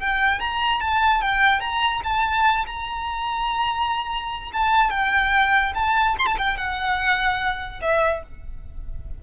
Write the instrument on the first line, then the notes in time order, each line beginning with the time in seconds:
violin
0.00 G5
0.40 A#5
0.81 A5
1.22 G5
1.60 A#5
2.04 A5
2.67 A#5
4.53 A5
4.90 G5
5.75 A5
6.18 C6
6.27 A5
6.38 G5
6.57 F#5
7.82 E5